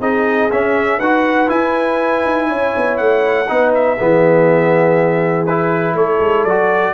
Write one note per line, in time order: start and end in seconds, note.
0.00 0.50 C4
0.00 0.51 D#4
0.00 0.98 G#4
0.00 0.51 D#5
0.51 1.01 C#4
0.51 0.99 C#4
0.51 1.00 E5
0.98 1.49 D#4
0.98 1.48 F#4
0.98 2.47 B4
0.98 1.49 F#5
1.48 3.46 E4
1.48 2.24 E4
1.48 2.97 G#5
2.25 2.49 D#4
2.49 2.75 C#4
2.49 3.48 C#5
2.77 2.99 B3
2.97 3.49 A3
2.97 3.71 F#5
3.48 4.00 B3
3.48 3.98 D#4
3.48 3.97 B4
3.74 5.46 E5
3.97 5.94 E3
3.97 5.48 B3
3.97 5.96 G#4
5.46 6.48 E4
5.46 5.95 B4
5.94 6.19 A3
5.94 6.93 A4
5.94 6.44 C#5
6.20 6.44 G#3
6.44 6.93 F#3
6.44 6.93 F#4
6.44 6.93 D5